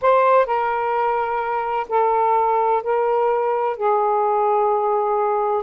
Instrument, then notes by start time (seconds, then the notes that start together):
saxophone
0.01 C5
0.46 A#4
1.88 A4
2.83 A#4
3.77 G#4